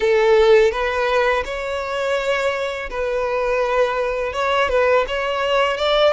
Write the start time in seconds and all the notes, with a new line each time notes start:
0.00 A4
0.71 B4
1.45 C#5
2.90 B4
4.32 C#5
4.69 B4
5.07 C#5
5.77 D5